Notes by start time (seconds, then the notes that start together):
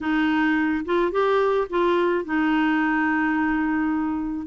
0.01 D#4
0.85 F4
1.11 G4
1.69 F4
2.24 D#4